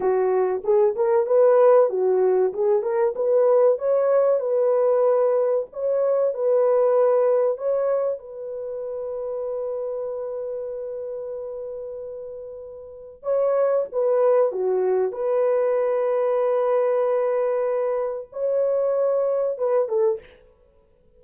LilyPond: \new Staff \with { instrumentName = "horn" } { \time 4/4 \tempo 4 = 95 fis'4 gis'8 ais'8 b'4 fis'4 | gis'8 ais'8 b'4 cis''4 b'4~ | b'4 cis''4 b'2 | cis''4 b'2.~ |
b'1~ | b'4 cis''4 b'4 fis'4 | b'1~ | b'4 cis''2 b'8 a'8 | }